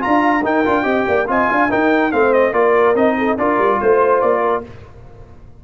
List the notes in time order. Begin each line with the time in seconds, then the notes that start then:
0.00 F4 F5 A#5
0.07 D4
0.44 D#4 A#4 G5
0.65 D4 F4
0.83 C4 G4 D#5
1.07 A#3 D5
1.27 C4 F4 D#5 G#5
1.50 D4 F5
1.70 D#4 A#4 G5
2.12 A3 C4 C5 F5
2.33 D#5
2.53 A#3 F4 A#4 D5
2.95 C4 D#4 D#5
3.18 A4
3.38 D4 F4 A#4 D5
3.58 G3
3.80 A3 C5
4.21 A#3 D5
4.41 A#4